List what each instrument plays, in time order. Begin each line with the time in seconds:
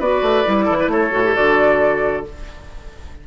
0.00 bassoon B3, clarinet F#4, oboe B4, flute D5
0.22 bassoon A3
0.45 bassoon G3, clarinet E4
0.66 bassoon E3, oboe A4
0.80 oboe B4
0.88 bassoon A3, oboe A4, flute C#5
1.11 bassoon A2, clarinet F#4
1.25 clarinet G4
1.35 bassoon D3, clarinet F#4, flute D5